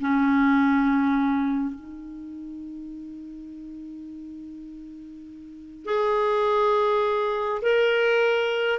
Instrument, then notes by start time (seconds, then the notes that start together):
clarinet
0.00 C#4
1.75 D#4
5.85 G#4
7.61 A#4